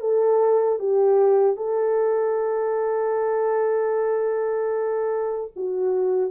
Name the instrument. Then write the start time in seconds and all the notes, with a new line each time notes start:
horn
0.00 A4
0.79 G4
1.56 A4
5.56 F#4